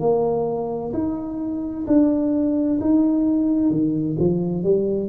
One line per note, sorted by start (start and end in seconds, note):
0.00 0.92 A#3
0.94 1.86 D#4
1.87 2.79 D4
2.81 3.71 D#4
3.71 4.17 D#3
4.19 4.64 F3
4.64 5.09 G3